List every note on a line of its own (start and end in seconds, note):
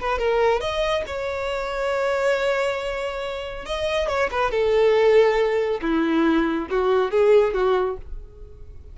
0.00 0.18 B4
0.18 0.60 A#4
0.60 1.03 D#5
1.06 3.65 C#5
3.65 4.08 D#5
4.08 4.29 C#5
4.31 4.51 B4
4.51 5.80 A4
5.81 6.68 E4
6.70 7.11 F#4
7.11 7.53 G#4
7.53 7.97 F#4